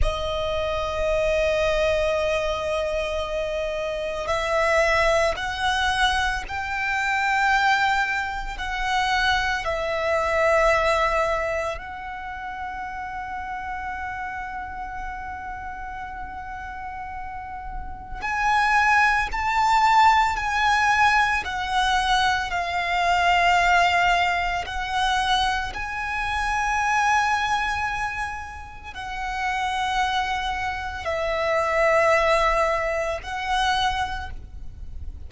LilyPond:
\new Staff \with { instrumentName = "violin" } { \time 4/4 \tempo 4 = 56 dis''1 | e''4 fis''4 g''2 | fis''4 e''2 fis''4~ | fis''1~ |
fis''4 gis''4 a''4 gis''4 | fis''4 f''2 fis''4 | gis''2. fis''4~ | fis''4 e''2 fis''4 | }